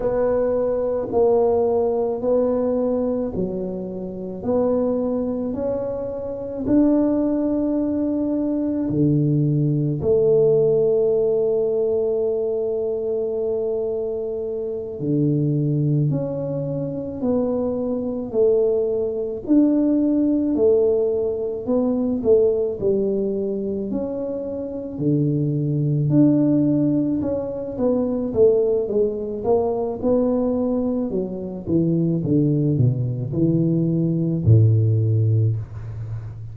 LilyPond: \new Staff \with { instrumentName = "tuba" } { \time 4/4 \tempo 4 = 54 b4 ais4 b4 fis4 | b4 cis'4 d'2 | d4 a2.~ | a4. d4 cis'4 b8~ |
b8 a4 d'4 a4 b8 | a8 g4 cis'4 d4 d'8~ | d'8 cis'8 b8 a8 gis8 ais8 b4 | fis8 e8 d8 b,8 e4 a,4 | }